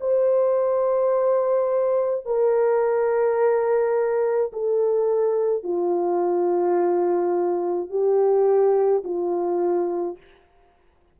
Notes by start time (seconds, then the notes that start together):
0.00 C5
2.25 A#4
4.52 A4
5.63 F4
7.89 G4
9.04 F4